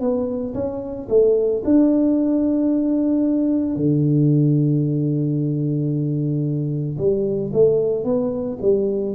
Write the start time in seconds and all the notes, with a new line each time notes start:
0.00 B3
0.54 C#4
1.09 A3
1.64 D4
3.75 D3
6.97 G3
7.52 A3
8.04 B3
8.61 G3